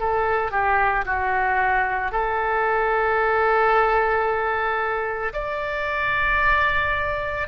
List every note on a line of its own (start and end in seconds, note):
0.00 0.52 A4
0.52 1.05 G4
1.06 2.12 F#4
2.12 5.33 A4
5.34 7.48 D5